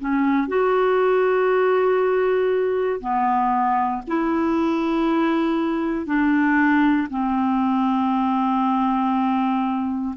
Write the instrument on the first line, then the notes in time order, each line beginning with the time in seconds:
clarinet
0.00 C#4
0.48 F#4
3.00 B3
4.08 E4
6.06 D4
7.10 C4